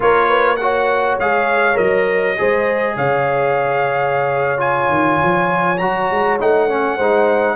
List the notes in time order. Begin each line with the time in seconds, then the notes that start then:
0.00 A#3 F4 A#4 C#5
0.29 B4
0.56 F#4 C#5 F#5
1.18 G#3 G#4 F5
1.74 F#3 A#4 D#5
2.37 G#3 G#4 C5
2.96 C#3 C#5 F5
4.57 F4 G#5
4.89 D#3
5.23 F3
5.77 F#3 F#4 A#5
6.11 G#3
6.39 A3 D#4 F#5
6.68 C#4
6.95 G#3 D#4 C5